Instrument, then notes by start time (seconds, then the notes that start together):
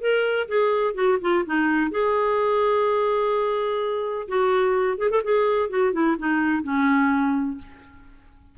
clarinet
0.00 A#4
0.48 G#4
0.94 F#4
1.21 F4
1.46 D#4
1.91 G#4
4.28 F#4
4.98 G#4
5.10 A4
5.24 G#4
5.69 F#4
5.93 E4
6.18 D#4
6.63 C#4